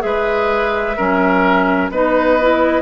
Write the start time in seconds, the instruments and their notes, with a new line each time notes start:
0.00 bassoon G#3, clarinet G#4, oboe B4, flute E5
0.97 bassoon F#3, clarinet C#4, oboe A#4
1.91 bassoon B3, clarinet D#4, oboe B4, flute D#5
2.41 clarinet E4